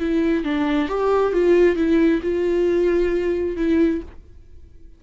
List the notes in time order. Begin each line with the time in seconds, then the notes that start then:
0.00 E4
0.44 D4
0.89 G4
1.33 F4
1.76 E4
2.22 F4
3.57 E4